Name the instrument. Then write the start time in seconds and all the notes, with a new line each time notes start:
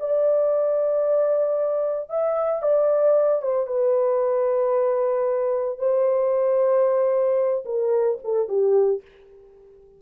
horn
0.00 D5
2.10 E5
2.63 D5
3.42 C5
3.68 B4
5.79 C5
7.66 A#4
8.24 A4
8.49 G4